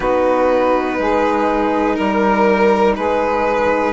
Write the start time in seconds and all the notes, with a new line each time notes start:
0.00 B3 D#4 F#4 B4
0.99 G#3 G#4
1.95 G3 A#4
2.95 G#3 G#4 B4